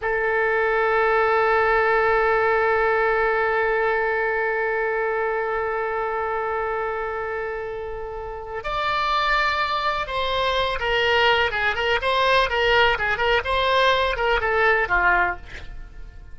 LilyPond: \new Staff \with { instrumentName = "oboe" } { \time 4/4 \tempo 4 = 125 a'1~ | a'1~ | a'1~ | a'1~ |
a'2 d''2~ | d''4 c''4. ais'4. | gis'8 ais'8 c''4 ais'4 gis'8 ais'8 | c''4. ais'8 a'4 f'4 | }